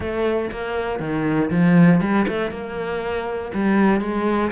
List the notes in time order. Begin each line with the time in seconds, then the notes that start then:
0.00 A3
0.51 A#3
0.99 D#3
1.50 F3
2.00 G3
2.28 A3
2.50 A#3
3.54 G3
4.01 G#3